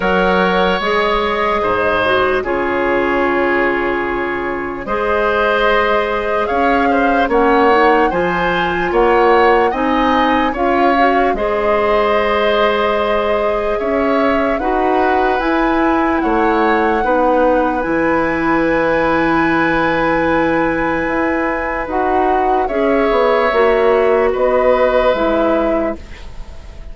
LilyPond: <<
  \new Staff \with { instrumentName = "flute" } { \time 4/4 \tempo 4 = 74 fis''4 dis''2 cis''4~ | cis''2 dis''2 | f''4 fis''4 gis''4 fis''4 | gis''4 f''4 dis''2~ |
dis''4 e''4 fis''4 gis''4 | fis''2 gis''2~ | gis''2. fis''4 | e''2 dis''4 e''4 | }
  \new Staff \with { instrumentName = "oboe" } { \time 4/4 cis''2 c''4 gis'4~ | gis'2 c''2 | cis''8 c''8 cis''4 c''4 cis''4 | dis''4 cis''4 c''2~ |
c''4 cis''4 b'2 | cis''4 b'2.~ | b'1 | cis''2 b'2 | }
  \new Staff \with { instrumentName = "clarinet" } { \time 4/4 ais'4 gis'4. fis'8 f'4~ | f'2 gis'2~ | gis'4 cis'8 dis'8 f'2 | dis'4 f'8 fis'8 gis'2~ |
gis'2 fis'4 e'4~ | e'4 dis'4 e'2~ | e'2. fis'4 | gis'4 fis'2 e'4 | }
  \new Staff \with { instrumentName = "bassoon" } { \time 4/4 fis4 gis4 gis,4 cis4~ | cis2 gis2 | cis'4 ais4 f4 ais4 | c'4 cis'4 gis2~ |
gis4 cis'4 dis'4 e'4 | a4 b4 e2~ | e2 e'4 dis'4 | cis'8 b8 ais4 b4 gis4 | }
>>